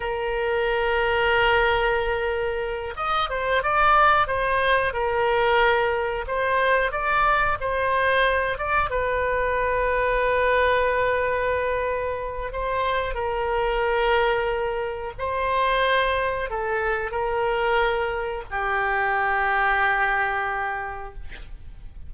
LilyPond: \new Staff \with { instrumentName = "oboe" } { \time 4/4 \tempo 4 = 91 ais'1~ | ais'8 dis''8 c''8 d''4 c''4 ais'8~ | ais'4. c''4 d''4 c''8~ | c''4 d''8 b'2~ b'8~ |
b'2. c''4 | ais'2. c''4~ | c''4 a'4 ais'2 | g'1 | }